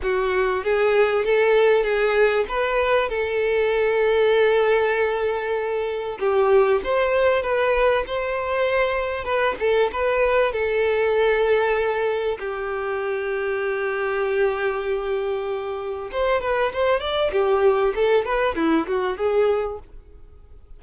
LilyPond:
\new Staff \with { instrumentName = "violin" } { \time 4/4 \tempo 4 = 97 fis'4 gis'4 a'4 gis'4 | b'4 a'2.~ | a'2 g'4 c''4 | b'4 c''2 b'8 a'8 |
b'4 a'2. | g'1~ | g'2 c''8 b'8 c''8 d''8 | g'4 a'8 b'8 e'8 fis'8 gis'4 | }